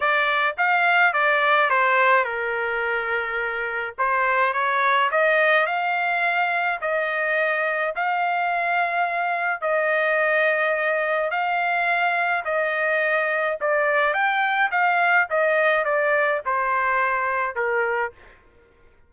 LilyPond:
\new Staff \with { instrumentName = "trumpet" } { \time 4/4 \tempo 4 = 106 d''4 f''4 d''4 c''4 | ais'2. c''4 | cis''4 dis''4 f''2 | dis''2 f''2~ |
f''4 dis''2. | f''2 dis''2 | d''4 g''4 f''4 dis''4 | d''4 c''2 ais'4 | }